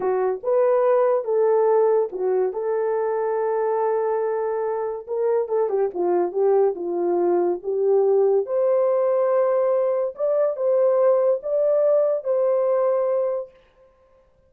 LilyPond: \new Staff \with { instrumentName = "horn" } { \time 4/4 \tempo 4 = 142 fis'4 b'2 a'4~ | a'4 fis'4 a'2~ | a'1 | ais'4 a'8 g'8 f'4 g'4 |
f'2 g'2 | c''1 | d''4 c''2 d''4~ | d''4 c''2. | }